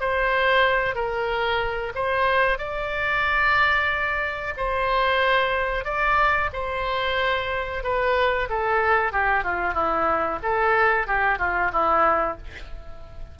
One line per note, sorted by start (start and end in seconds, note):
0.00 0.95 C5
0.95 1.93 A#4
1.95 2.58 C5
2.58 4.54 D5
4.57 5.84 C5
5.84 6.50 D5
6.53 7.83 C5
7.83 8.48 B4
8.49 9.12 A4
9.12 9.44 G4
9.44 9.74 F4
9.74 10.39 E4
10.43 11.07 A4
11.07 11.39 G4
11.39 11.71 F4
11.72 12.37 E4